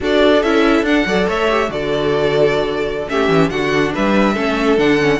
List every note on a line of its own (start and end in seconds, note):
0.00 0.43 D4
0.00 0.43 F#4
0.00 1.07 A4
0.00 0.42 D5
0.42 0.82 C#4
0.42 0.85 E4
0.42 0.85 E5
0.82 1.03 D4
0.82 1.07 D4
0.82 1.27 F#5
1.05 1.27 F#3
1.05 1.49 A4
1.05 1.27 D5
1.27 1.69 A3
1.27 1.70 C#5
1.27 1.71 E5
1.49 1.67 G4
1.67 3.07 D3
1.67 3.06 F#4
1.67 3.10 A4
1.67 3.08 D5
3.08 3.28 A3
3.08 3.50 C#4
3.08 3.51 G4
3.08 3.49 E5
3.28 3.49 E3
3.49 3.93 D3
3.49 4.35 D4
3.49 3.94 F#4
3.49 3.92 F#5
3.94 4.36 G3
3.94 4.33 B4
3.94 4.78 E5
4.33 4.77 A3
4.33 4.77 C#4
4.33 5.19 A4
4.77 5.20 D3
4.77 4.98 D4
4.77 5.20 F#5
4.99 5.20 C#4